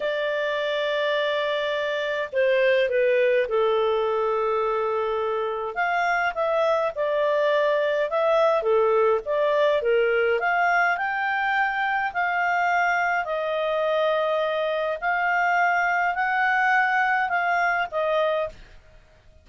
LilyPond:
\new Staff \with { instrumentName = "clarinet" } { \time 4/4 \tempo 4 = 104 d''1 | c''4 b'4 a'2~ | a'2 f''4 e''4 | d''2 e''4 a'4 |
d''4 ais'4 f''4 g''4~ | g''4 f''2 dis''4~ | dis''2 f''2 | fis''2 f''4 dis''4 | }